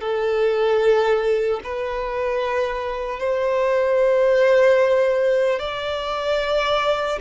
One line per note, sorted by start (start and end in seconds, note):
0.00 1.60 A4
1.63 3.19 B4
3.19 5.59 C5
5.59 7.19 D5